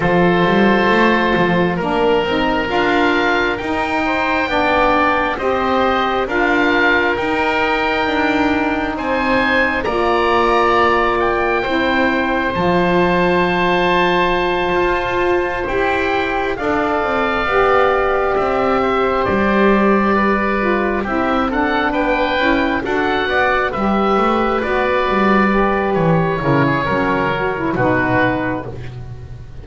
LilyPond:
<<
  \new Staff \with { instrumentName = "oboe" } { \time 4/4 \tempo 4 = 67 c''2 ais'4 f''4 | g''2 dis''4 f''4 | g''2 gis''4 ais''4~ | ais''8 g''4. a''2~ |
a''4. g''4 f''4.~ | f''8 e''4 d''2 e''8 | fis''8 g''4 fis''4 e''4 d''8~ | d''4 cis''2 b'4 | }
  \new Staff \with { instrumentName = "oboe" } { \time 4/4 a'2 ais'2~ | ais'8 c''8 d''4 c''4 ais'4~ | ais'2 c''4 d''4~ | d''4 c''2.~ |
c''2~ c''8 d''4.~ | d''4 c''4. b'4 g'8 | a'8 b'4 a'8 d''8 b'4.~ | b'4. ais'16 gis'16 ais'4 fis'4 | }
  \new Staff \with { instrumentName = "saxophone" } { \time 4/4 f'2 d'8 dis'8 f'4 | dis'4 d'4 g'4 f'4 | dis'2. f'4~ | f'4 e'4 f'2~ |
f'4. g'4 a'4 g'8~ | g'2. f'8 e'8 | d'4 e'8 fis'4 g'4 fis'8~ | fis'8 g'4 e'8 cis'8 fis'16 e'16 dis'4 | }
  \new Staff \with { instrumentName = "double bass" } { \time 4/4 f8 g8 a8 f8 ais8 c'8 d'4 | dis'4 b4 c'4 d'4 | dis'4 d'4 c'4 ais4~ | ais4 c'4 f2~ |
f8 f'4 e'4 d'8 c'8 b8~ | b8 c'4 g2 c'8~ | c'8 b8 cis'8 d'8 b8 g8 a8 b8 | g4 e8 cis8 fis4 b,4 | }
>>